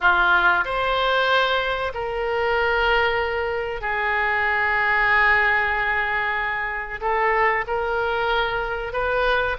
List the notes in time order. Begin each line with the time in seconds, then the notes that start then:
0.00 F4
0.64 C5
1.94 A#4
3.81 G#4
7.01 A4
7.67 A#4
8.92 B4